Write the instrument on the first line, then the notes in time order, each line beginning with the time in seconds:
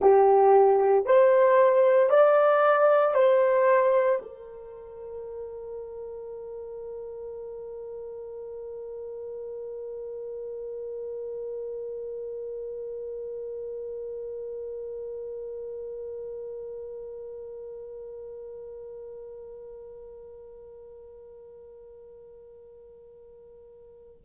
horn
0.01 G4
1.05 C5
2.09 D5
3.14 C5
4.22 A#4